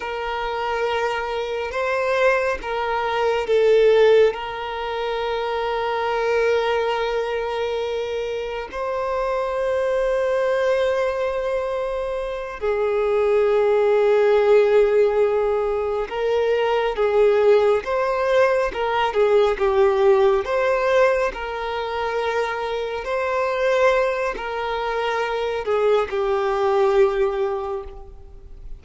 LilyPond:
\new Staff \with { instrumentName = "violin" } { \time 4/4 \tempo 4 = 69 ais'2 c''4 ais'4 | a'4 ais'2.~ | ais'2 c''2~ | c''2~ c''8 gis'4.~ |
gis'2~ gis'8 ais'4 gis'8~ | gis'8 c''4 ais'8 gis'8 g'4 c''8~ | c''8 ais'2 c''4. | ais'4. gis'8 g'2 | }